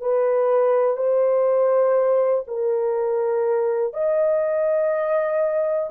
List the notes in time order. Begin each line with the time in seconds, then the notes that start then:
0.00 B4
0.96 C5
2.47 A#4
3.93 D#5